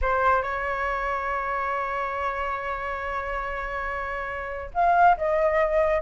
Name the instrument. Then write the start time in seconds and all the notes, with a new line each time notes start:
flute
0.01 C5
0.42 C#5
4.74 F5
5.17 D#5